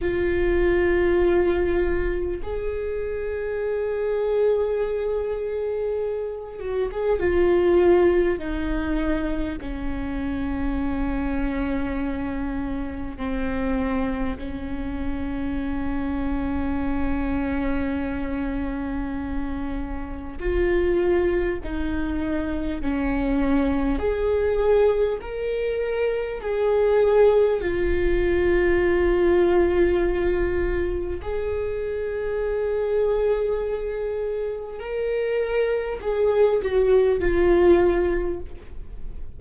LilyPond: \new Staff \with { instrumentName = "viola" } { \time 4/4 \tempo 4 = 50 f'2 gis'2~ | gis'4. fis'16 gis'16 f'4 dis'4 | cis'2. c'4 | cis'1~ |
cis'4 f'4 dis'4 cis'4 | gis'4 ais'4 gis'4 f'4~ | f'2 gis'2~ | gis'4 ais'4 gis'8 fis'8 f'4 | }